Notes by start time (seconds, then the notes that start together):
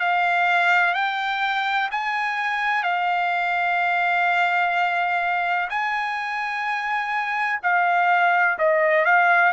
0.00 F5
0.94 G5
1.91 G#5
2.83 F5
5.70 G#5
7.63 F5
8.58 D#5
9.05 F5